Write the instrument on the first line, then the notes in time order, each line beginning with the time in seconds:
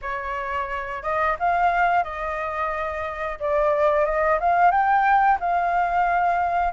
flute
0.01 C#5
1.02 D#5
1.39 F5
2.03 D#5
3.39 D5
4.05 D#5
4.40 F5
4.71 G5
5.40 F5